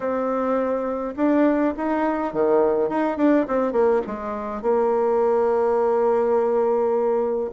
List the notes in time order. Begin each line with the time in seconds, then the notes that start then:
0.00 C4
1.16 D4
1.76 D#4
2.33 D#3
2.89 D#4
3.17 D4
3.47 C4
3.72 A#3
4.06 G#3
4.62 A#3